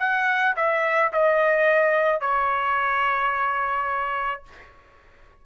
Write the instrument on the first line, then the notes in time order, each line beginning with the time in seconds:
trumpet
0.00 F#5
0.57 E5
1.13 D#5
2.21 C#5